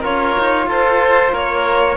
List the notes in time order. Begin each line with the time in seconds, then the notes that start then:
0.00 C#4 F4 A#4 C#5
0.38 D#4
0.67 F4 A4 C5
1.32 A#3 A#4 C#5